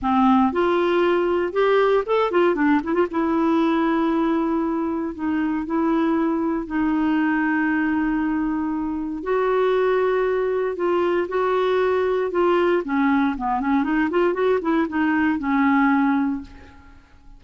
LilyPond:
\new Staff \with { instrumentName = "clarinet" } { \time 4/4 \tempo 4 = 117 c'4 f'2 g'4 | a'8 f'8 d'8 e'16 f'16 e'2~ | e'2 dis'4 e'4~ | e'4 dis'2.~ |
dis'2 fis'2~ | fis'4 f'4 fis'2 | f'4 cis'4 b8 cis'8 dis'8 f'8 | fis'8 e'8 dis'4 cis'2 | }